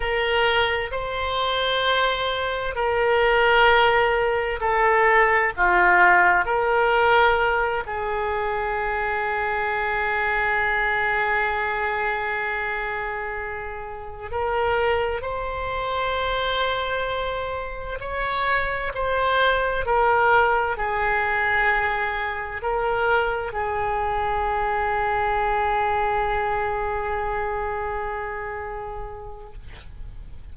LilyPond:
\new Staff \with { instrumentName = "oboe" } { \time 4/4 \tempo 4 = 65 ais'4 c''2 ais'4~ | ais'4 a'4 f'4 ais'4~ | ais'8 gis'2.~ gis'8~ | gis'2.~ gis'8 ais'8~ |
ais'8 c''2. cis''8~ | cis''8 c''4 ais'4 gis'4.~ | gis'8 ais'4 gis'2~ gis'8~ | gis'1 | }